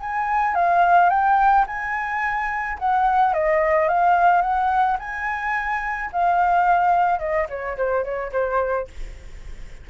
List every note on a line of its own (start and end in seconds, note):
0.00 0.55 G#5
0.55 1.10 F5
1.10 1.65 G5
1.67 2.78 G#5
2.79 3.34 F#5
3.34 3.88 D#5
3.88 4.42 F5
4.42 4.97 F#5
4.99 6.10 G#5
6.12 7.19 F5
7.19 7.47 D#5
7.49 7.77 C#5
7.77 8.04 C5
8.04 8.32 C#5
8.32 8.88 C5